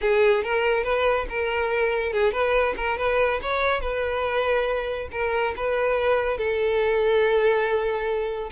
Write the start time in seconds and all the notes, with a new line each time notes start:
0.01 G#4
0.43 A#4
0.83 B4
1.29 A#4
2.12 G#4
2.32 B4
2.76 A#4
2.97 B4
3.42 C#5
3.80 B4
5.11 A#4
5.56 B4
6.37 A4